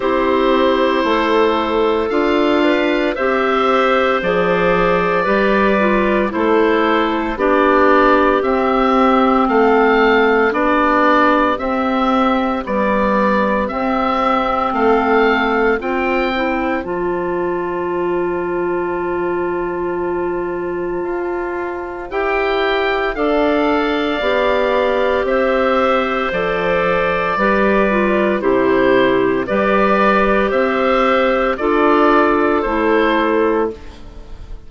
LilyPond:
<<
  \new Staff \with { instrumentName = "oboe" } { \time 4/4 \tempo 4 = 57 c''2 f''4 e''4 | d''2 c''4 d''4 | e''4 f''4 d''4 e''4 | d''4 e''4 f''4 g''4 |
a''1~ | a''4 g''4 f''2 | e''4 d''2 c''4 | d''4 e''4 d''4 c''4 | }
  \new Staff \with { instrumentName = "clarinet" } { \time 4/4 g'4 a'4. b'8 c''4~ | c''4 b'4 a'4 g'4~ | g'4 a'4 g'2~ | g'2 a'4 c''4~ |
c''1~ | c''2 d''2 | c''2 b'4 g'4 | b'4 c''4 a'2 | }
  \new Staff \with { instrumentName = "clarinet" } { \time 4/4 e'2 f'4 g'4 | gis'4 g'8 f'8 e'4 d'4 | c'2 d'4 c'4 | g4 c'2 f'8 e'8 |
f'1~ | f'4 g'4 a'4 g'4~ | g'4 a'4 g'8 f'8 e'4 | g'2 f'4 e'4 | }
  \new Staff \with { instrumentName = "bassoon" } { \time 4/4 c'4 a4 d'4 c'4 | f4 g4 a4 b4 | c'4 a4 b4 c'4 | b4 c'4 a4 c'4 |
f1 | f'4 e'4 d'4 b4 | c'4 f4 g4 c4 | g4 c'4 d'4 a4 | }
>>